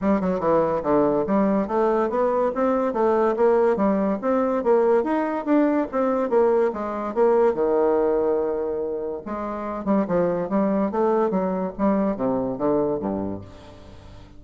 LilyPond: \new Staff \with { instrumentName = "bassoon" } { \time 4/4 \tempo 4 = 143 g8 fis8 e4 d4 g4 | a4 b4 c'4 a4 | ais4 g4 c'4 ais4 | dis'4 d'4 c'4 ais4 |
gis4 ais4 dis2~ | dis2 gis4. g8 | f4 g4 a4 fis4 | g4 c4 d4 g,4 | }